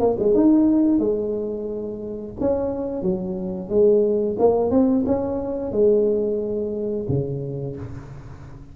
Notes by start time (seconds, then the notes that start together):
0.00 A#3
0.19 G#3
0.35 D#4
0.99 G#3
2.41 C#4
3.02 F#3
3.70 G#3
4.39 A#3
4.71 C4
5.07 C#4
5.72 G#3
7.09 C#3